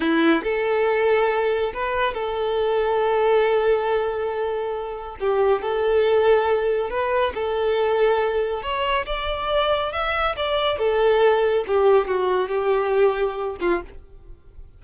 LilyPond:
\new Staff \with { instrumentName = "violin" } { \time 4/4 \tempo 4 = 139 e'4 a'2. | b'4 a'2.~ | a'1 | g'4 a'2. |
b'4 a'2. | cis''4 d''2 e''4 | d''4 a'2 g'4 | fis'4 g'2~ g'8 f'8 | }